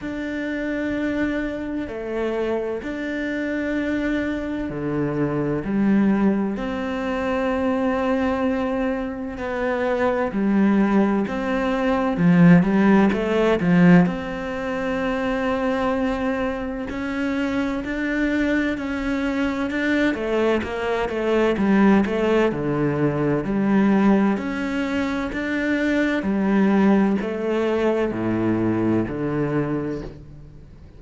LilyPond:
\new Staff \with { instrumentName = "cello" } { \time 4/4 \tempo 4 = 64 d'2 a4 d'4~ | d'4 d4 g4 c'4~ | c'2 b4 g4 | c'4 f8 g8 a8 f8 c'4~ |
c'2 cis'4 d'4 | cis'4 d'8 a8 ais8 a8 g8 a8 | d4 g4 cis'4 d'4 | g4 a4 a,4 d4 | }